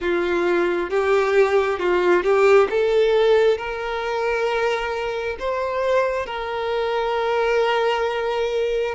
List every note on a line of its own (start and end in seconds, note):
0.00 0.90 F4
0.90 1.79 G4
1.79 2.23 F4
2.23 2.68 G4
2.69 3.57 A4
3.57 5.36 A#4
5.39 6.26 C5
6.26 8.94 A#4